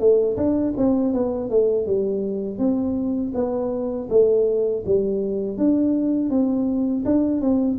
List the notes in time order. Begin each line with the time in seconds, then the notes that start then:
0.00 A3
0.37 D4
0.77 C4
1.14 B3
1.51 A3
1.87 G3
2.59 C4
3.35 B3
4.10 A3
4.87 G3
5.58 D4
6.31 C4
7.06 D4
7.42 C4